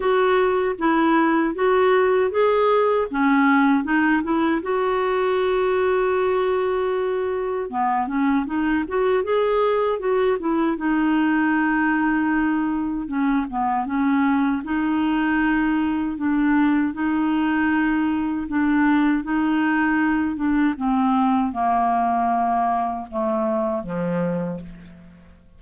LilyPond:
\new Staff \with { instrumentName = "clarinet" } { \time 4/4 \tempo 4 = 78 fis'4 e'4 fis'4 gis'4 | cis'4 dis'8 e'8 fis'2~ | fis'2 b8 cis'8 dis'8 fis'8 | gis'4 fis'8 e'8 dis'2~ |
dis'4 cis'8 b8 cis'4 dis'4~ | dis'4 d'4 dis'2 | d'4 dis'4. d'8 c'4 | ais2 a4 f4 | }